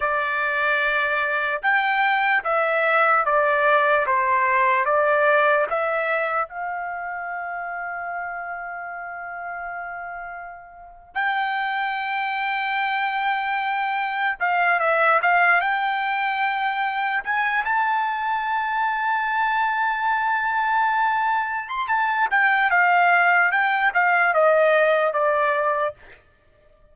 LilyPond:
\new Staff \with { instrumentName = "trumpet" } { \time 4/4 \tempo 4 = 74 d''2 g''4 e''4 | d''4 c''4 d''4 e''4 | f''1~ | f''4.~ f''16 g''2~ g''16~ |
g''4.~ g''16 f''8 e''8 f''8 g''8.~ | g''4~ g''16 gis''8 a''2~ a''16~ | a''2~ a''8. c'''16 a''8 g''8 | f''4 g''8 f''8 dis''4 d''4 | }